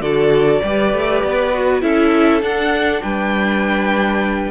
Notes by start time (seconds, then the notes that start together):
0.00 D3 F#4 A4 D5
0.63 G3 G4 B4
0.93 A3
1.23 B3
1.53 F#4
1.81 C#4 E4 A4 E5
2.42 D4 F#5
3.02 G3 B4 G5